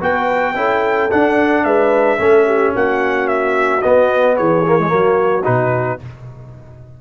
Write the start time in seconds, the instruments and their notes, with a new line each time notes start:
0.00 tuba B3, trombone F#4, horn B4, trumpet G5
0.55 tuba C#4, trombone E4, horn A4
1.10 trombone D4, tuba D4, trumpet F#5
1.64 tuba G#3, horn B4, trumpet E5
2.18 tuba A3, trombone C#4, horn A4
2.46 horn G4
2.73 tuba A#3, horn F#4, trumpet F#5
3.27 trumpet E5
3.81 trombone B3, tuba B3, trumpet D#5
4.36 tuba E3, horn G#4, trumpet C#5
4.67 trombone A#3
4.79 trombone G#3
4.88 tuba F#3, trombone A#3, horn F#4
5.44 tuba B2, trombone D#4, trumpet B4